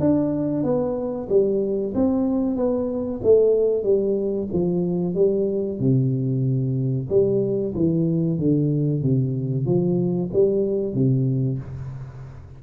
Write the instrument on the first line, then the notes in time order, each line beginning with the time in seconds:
tuba
0.00 D4
0.63 B3
1.29 G3
1.95 C4
2.56 B3
3.23 A3
3.84 G3
4.53 F3
5.15 G3
5.79 C3
7.09 G3
7.75 E3
8.39 D3
9.03 C3
9.66 F3
10.33 G3
10.94 C3